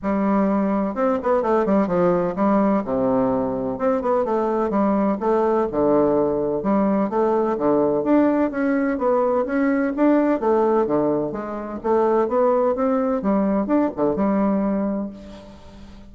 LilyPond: \new Staff \with { instrumentName = "bassoon" } { \time 4/4 \tempo 4 = 127 g2 c'8 b8 a8 g8 | f4 g4 c2 | c'8 b8 a4 g4 a4 | d2 g4 a4 |
d4 d'4 cis'4 b4 | cis'4 d'4 a4 d4 | gis4 a4 b4 c'4 | g4 d'8 d8 g2 | }